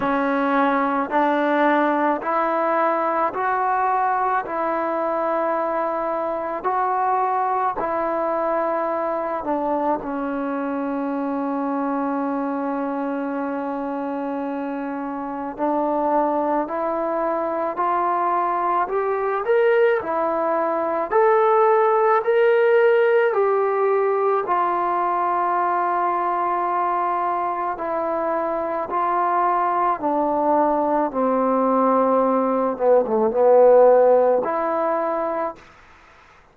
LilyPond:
\new Staff \with { instrumentName = "trombone" } { \time 4/4 \tempo 4 = 54 cis'4 d'4 e'4 fis'4 | e'2 fis'4 e'4~ | e'8 d'8 cis'2.~ | cis'2 d'4 e'4 |
f'4 g'8 ais'8 e'4 a'4 | ais'4 g'4 f'2~ | f'4 e'4 f'4 d'4 | c'4. b16 a16 b4 e'4 | }